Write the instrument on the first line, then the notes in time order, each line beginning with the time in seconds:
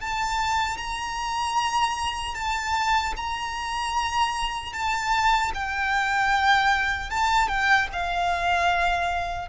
violin
0.00 A5
0.77 A#5
2.34 A5
3.17 A#5
4.73 A5
5.54 G5
7.10 A5
7.48 G5
7.93 F5